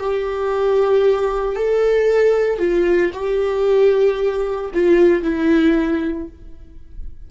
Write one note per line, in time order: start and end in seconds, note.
0.00 1.56 G4
1.56 2.59 A4
2.59 3.11 F4
3.13 4.71 G4
4.74 5.23 F4
5.23 6.28 E4